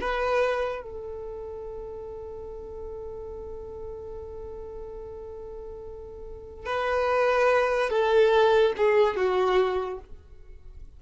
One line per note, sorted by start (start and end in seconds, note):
0.00 0.82 B4
0.82 6.65 A4
6.66 7.89 B4
7.89 8.72 A4
8.77 9.16 G#4
9.16 9.99 F#4